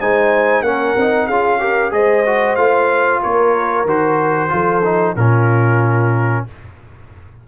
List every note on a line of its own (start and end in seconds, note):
0.00 0.62 G#3
0.00 0.65 D#4
0.00 0.64 C5
0.00 0.63 G#5
0.62 0.94 A#3
0.62 0.97 C#4
0.62 1.27 A#4
0.62 1.27 F#5
0.96 1.28 C4
0.96 1.31 D#4
1.27 1.92 C#4
1.27 1.60 F4
1.27 1.59 G#4
1.27 1.92 F5
1.60 1.91 G4
1.60 1.93 A#4
1.91 2.57 G#3
1.91 2.23 G#4
1.91 3.22 C5
1.91 2.56 D#5
2.26 2.58 F#4
2.56 3.21 A3
2.56 3.87 F4
2.56 3.20 F5
3.22 3.85 A#3
3.22 4.51 A#4
3.22 3.87 C#5
3.85 4.49 D#3
3.85 4.49 F#4
3.85 5.16 C5
4.49 5.16 F3
4.49 4.82 F4
4.49 5.15 A4
4.84 5.16 D#4
5.15 6.45 A#2
5.15 6.48 C#4
5.15 6.44 F4
5.15 6.45 A#4